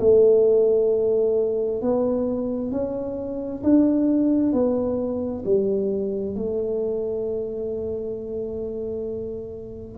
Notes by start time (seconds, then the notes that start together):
0.00 A3
1.82 B3
2.72 C#4
3.63 D4
4.53 B3
5.45 G3
6.36 A3